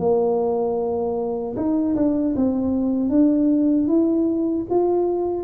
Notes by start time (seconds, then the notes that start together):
0.00 A#3
1.57 D#4
1.96 D4
2.37 C4
3.10 D4
3.88 E4
4.70 F4